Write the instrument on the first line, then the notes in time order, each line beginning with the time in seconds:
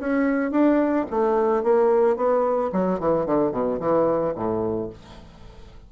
bassoon
0.00 C#4
0.52 D4
1.11 A3
1.64 A#3
2.17 B3
2.73 F#3
3.00 E3
3.27 D3
3.52 B2
3.80 E3
4.36 A2